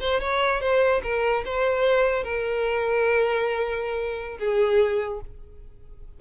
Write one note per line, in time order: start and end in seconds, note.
0.00 0.20 C5
0.20 0.61 C#5
0.61 1.02 C5
1.03 1.44 A#4
1.45 2.24 C5
2.24 4.38 A#4
4.39 5.20 G#4